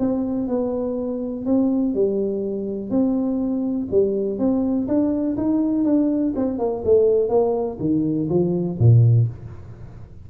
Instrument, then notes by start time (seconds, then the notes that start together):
tuba
0.00 C4
0.48 B3
1.46 C4
1.95 G3
2.91 C4
3.92 G3
4.39 C4
4.88 D4
5.38 D#4
5.85 D4
6.36 C4
6.59 A#3
6.85 A3
7.29 A#3
7.80 D#3
8.30 F3
8.79 A#2